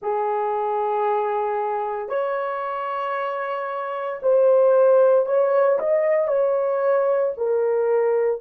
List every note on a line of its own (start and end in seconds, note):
0.01 2.09 G#4
2.09 4.19 C#5
4.22 5.26 C5
5.26 5.78 C#5
5.79 6.27 D#5
6.27 7.33 C#5
7.37 8.40 A#4